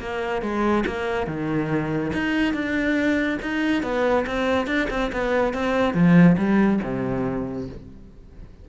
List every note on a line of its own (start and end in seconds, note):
0.00 0.42 A#3
0.42 0.84 G#3
0.86 1.27 A#3
1.27 2.12 D#3
2.13 2.53 D#4
2.53 3.38 D4
3.42 3.83 D#4
3.83 4.25 B3
4.26 4.67 C4
4.67 4.88 D4
4.90 5.11 C4
5.12 5.53 B3
5.53 5.94 C4
5.94 6.36 F3
6.38 6.80 G3
6.83 7.68 C3